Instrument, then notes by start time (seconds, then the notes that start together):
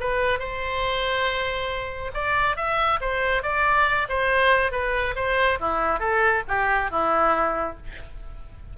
oboe
0.00 B4
0.39 C5
2.14 D5
2.56 E5
3.01 C5
3.43 D5
4.09 C5
4.72 B4
5.16 C5
5.60 E4
6.00 A4
6.48 G4
6.91 E4